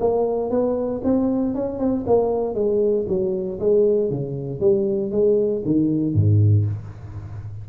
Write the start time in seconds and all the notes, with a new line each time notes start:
0.00 A#3
0.50 B3
1.04 C4
1.55 C#4
1.79 C4
2.07 A#3
2.55 G#3
3.08 F#3
3.60 G#3
4.10 C#3
4.60 G3
5.11 G#3
5.65 D#3
6.14 G#2